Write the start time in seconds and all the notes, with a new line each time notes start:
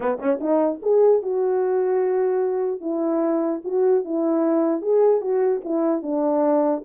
0.00 B3
0.19 C#4
0.40 D#4
0.82 G#4
1.22 F#4
2.80 E4
3.64 F#4
4.04 E4
4.81 G#4
5.21 F#4
5.64 E4
6.02 D4